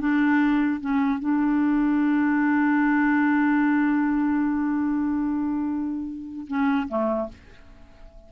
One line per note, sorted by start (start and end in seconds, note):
0.00 0.81 D4
0.81 1.20 C#4
1.20 6.47 D4
6.48 6.88 C#4
6.88 7.29 A3